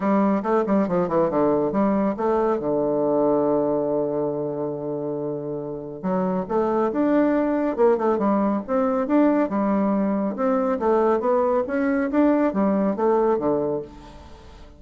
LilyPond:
\new Staff \with { instrumentName = "bassoon" } { \time 4/4 \tempo 4 = 139 g4 a8 g8 f8 e8 d4 | g4 a4 d2~ | d1~ | d2 fis4 a4 |
d'2 ais8 a8 g4 | c'4 d'4 g2 | c'4 a4 b4 cis'4 | d'4 g4 a4 d4 | }